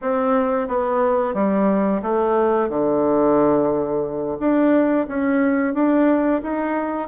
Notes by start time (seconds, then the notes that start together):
0.01 C4
0.67 B3
1.34 G3
2.02 A3
2.69 D3
4.39 D4
5.07 C#4
5.74 D4
6.42 D#4